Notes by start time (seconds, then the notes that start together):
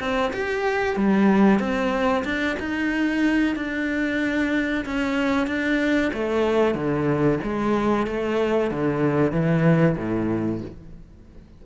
0.00 C4
0.33 G4
0.96 G3
1.60 C4
2.25 D4
2.60 D#4
3.56 D4
4.86 C#4
5.47 D4
6.14 A3
6.75 D3
7.43 G#3
8.07 A3
8.71 D3
9.32 E3
9.97 A2